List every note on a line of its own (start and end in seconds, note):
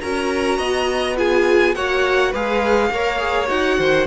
0.00 0.58 C#4
0.00 1.16 F#4
0.00 0.58 A#4
0.00 1.17 A#5
0.58 1.75 B3
0.58 1.16 D#5
1.16 1.74 F4
1.16 1.75 G#4
1.16 1.75 G#5
1.75 2.33 A#3
1.75 2.34 F#4
1.75 2.31 C#5
1.75 2.33 F#5
2.31 2.90 G#3
2.31 2.92 G#4
2.31 2.89 B4
2.31 3.48 F5
2.90 3.48 A#3
2.90 3.18 A#4
2.90 3.78 C#5
3.18 3.47 G#4
3.48 3.78 D#4
3.48 4.06 F#4
3.48 4.06 F#5
3.78 4.07 D#3
3.78 4.07 C5